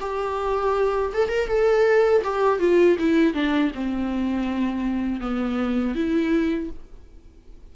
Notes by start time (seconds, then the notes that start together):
0.00 G4
1.14 A4
1.29 A#4
1.47 A4
2.24 G4
2.59 F4
2.99 E4
3.34 D4
3.75 C4
5.20 B3
5.95 E4